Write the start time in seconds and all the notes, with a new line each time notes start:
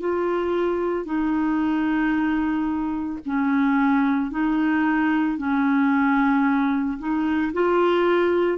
0.00 F4
1.05 D#4
3.25 C#4
4.31 D#4
5.38 C#4
6.98 D#4
7.53 F4